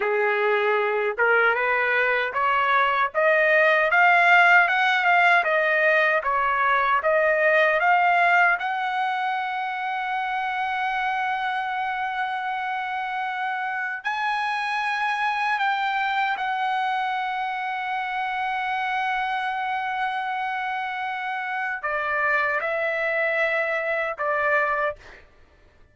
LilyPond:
\new Staff \with { instrumentName = "trumpet" } { \time 4/4 \tempo 4 = 77 gis'4. ais'8 b'4 cis''4 | dis''4 f''4 fis''8 f''8 dis''4 | cis''4 dis''4 f''4 fis''4~ | fis''1~ |
fis''2 gis''2 | g''4 fis''2.~ | fis''1 | d''4 e''2 d''4 | }